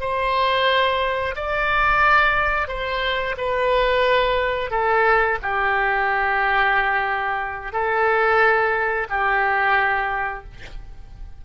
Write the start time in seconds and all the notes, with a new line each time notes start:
0.00 C5
1.35 D5
2.68 C5
3.37 B4
4.71 A4
5.42 G4
7.73 A4
9.09 G4